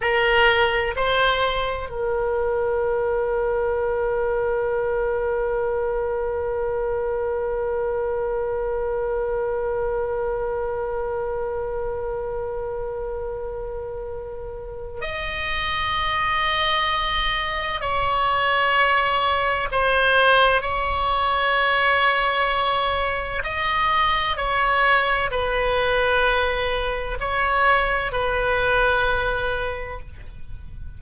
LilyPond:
\new Staff \with { instrumentName = "oboe" } { \time 4/4 \tempo 4 = 64 ais'4 c''4 ais'2~ | ais'1~ | ais'1~ | ais'1 |
dis''2. cis''4~ | cis''4 c''4 cis''2~ | cis''4 dis''4 cis''4 b'4~ | b'4 cis''4 b'2 | }